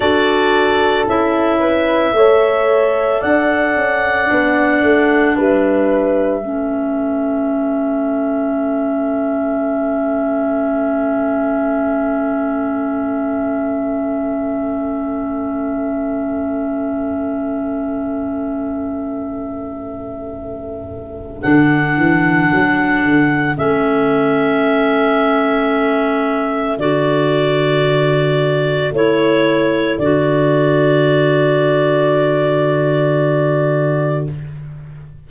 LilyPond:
<<
  \new Staff \with { instrumentName = "clarinet" } { \time 4/4 \tempo 4 = 56 d''4 e''2 fis''4~ | fis''4 e''2.~ | e''1~ | e''1~ |
e''1 | fis''2 e''2~ | e''4 d''2 cis''4 | d''1 | }
  \new Staff \with { instrumentName = "horn" } { \time 4/4 a'4. b'8 cis''4 d''4~ | d''4 b'4 a'2~ | a'1~ | a'1~ |
a'1~ | a'1~ | a'1~ | a'1 | }
  \new Staff \with { instrumentName = "clarinet" } { \time 4/4 fis'4 e'4 a'2 | d'2 cis'2~ | cis'1~ | cis'1~ |
cis'1 | d'2 cis'2~ | cis'4 fis'2 e'4 | fis'1 | }
  \new Staff \with { instrumentName = "tuba" } { \time 4/4 d'4 cis'4 a4 d'8 cis'8 | b8 a8 g4 a2~ | a1~ | a1~ |
a1 | d8 e8 fis8 d8 a2~ | a4 d2 a4 | d1 | }
>>